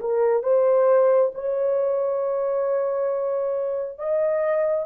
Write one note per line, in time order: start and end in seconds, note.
0.00 0.43 A#4
0.43 1.31 C5
1.34 3.98 C#5
3.98 4.86 D#5